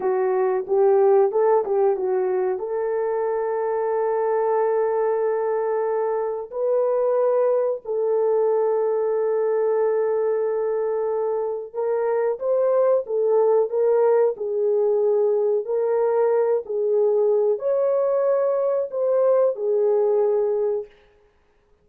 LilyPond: \new Staff \with { instrumentName = "horn" } { \time 4/4 \tempo 4 = 92 fis'4 g'4 a'8 g'8 fis'4 | a'1~ | a'2 b'2 | a'1~ |
a'2 ais'4 c''4 | a'4 ais'4 gis'2 | ais'4. gis'4. cis''4~ | cis''4 c''4 gis'2 | }